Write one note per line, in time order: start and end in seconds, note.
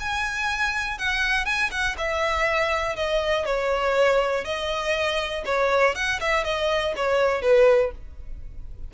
0.00 0.98 G#5
0.98 1.46 F#5
1.46 1.71 G#5
1.71 1.96 F#5
1.98 2.96 E5
2.96 3.46 D#5
3.46 4.45 C#5
4.45 5.44 D#5
5.46 5.95 C#5
5.95 6.20 F#5
6.21 6.44 E5
6.44 6.94 D#5
6.96 7.42 C#5
7.42 7.92 B4